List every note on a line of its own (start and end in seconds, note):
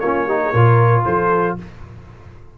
0.00 0.52 A#3
0.00 0.28 C#4
0.00 0.26 F4
0.00 1.03 C#5
0.26 0.54 D#4
0.26 0.39 G4
0.43 0.51 G#4
0.51 1.05 A#2
0.51 1.58 F4
0.51 1.03 A#4
1.05 1.58 F3
1.05 1.57 A4
1.05 1.57 C5